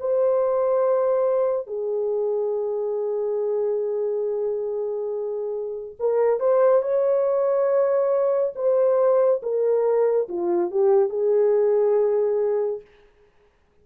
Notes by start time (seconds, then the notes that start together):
0.00 C5
1.67 G#4
6.00 A#4
6.40 C5
6.83 C#5
8.56 C5
9.43 A#4
10.29 F4
10.71 G4
11.10 G#4